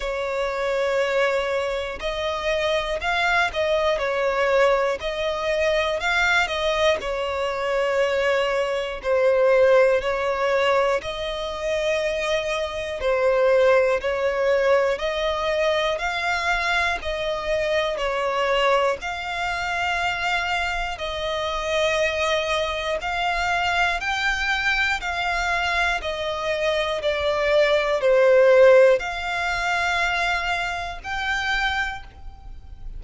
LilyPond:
\new Staff \with { instrumentName = "violin" } { \time 4/4 \tempo 4 = 60 cis''2 dis''4 f''8 dis''8 | cis''4 dis''4 f''8 dis''8 cis''4~ | cis''4 c''4 cis''4 dis''4~ | dis''4 c''4 cis''4 dis''4 |
f''4 dis''4 cis''4 f''4~ | f''4 dis''2 f''4 | g''4 f''4 dis''4 d''4 | c''4 f''2 g''4 | }